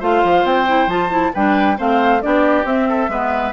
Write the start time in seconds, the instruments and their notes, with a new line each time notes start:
0.00 bassoon A3, clarinet F4, oboe C5, flute F5
0.24 bassoon F3
0.44 bassoon C4, flute G5
0.67 clarinet E4
0.87 bassoon F3, clarinet F4, flute A5
1.10 clarinet E4
1.33 bassoon G3, clarinet D4, oboe B4, flute G5
1.77 bassoon A3, clarinet C4, oboe C5, flute F5
2.21 bassoon B3, clarinet D4, oboe G4, flute D5
2.64 bassoon C4, clarinet C4, flute E5
2.88 oboe A4
3.09 bassoon G#3, clarinet B3, oboe B4